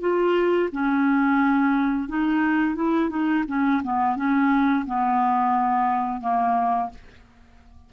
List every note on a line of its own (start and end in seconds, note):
0.00 0.69 F4
0.72 2.08 C#4
2.08 2.75 D#4
2.75 3.09 E4
3.09 3.44 D#4
3.47 3.82 C#4
3.83 4.16 B3
4.16 4.85 C#4
4.86 6.20 B3
6.20 6.89 A#3